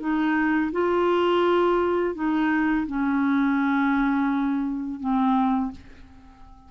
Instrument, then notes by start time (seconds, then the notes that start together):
clarinet
0.00 D#4
0.72 F4
2.15 D#4
2.87 C#4
5.00 C4